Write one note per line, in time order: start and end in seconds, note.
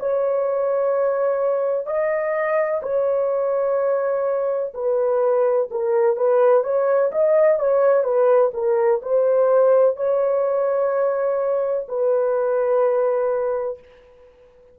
0.00 1.87 C#5
1.87 2.82 D#5
2.83 4.74 C#5
4.74 5.70 B4
5.71 6.17 A#4
6.17 6.64 B4
6.64 7.12 C#5
7.12 7.59 D#5
7.60 8.04 C#5
8.04 8.52 B4
8.54 9.02 A#4
9.02 9.97 C5
9.97 11.87 C#5
11.89 13.79 B4